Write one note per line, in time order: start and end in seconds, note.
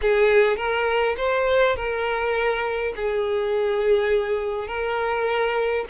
0.01 0.56 G#4
0.56 1.15 A#4
1.17 1.75 C5
1.75 2.93 A#4
2.95 4.67 G#4
4.67 5.85 A#4